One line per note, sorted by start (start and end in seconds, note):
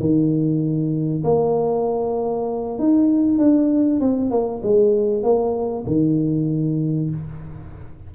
0.00 1.24 D#3
1.24 2.79 A#3
2.79 3.39 D#4
3.39 4.00 D4
4.00 4.31 C4
4.31 4.62 A#3
4.63 5.23 G#3
5.23 5.85 A#3
5.87 7.11 D#3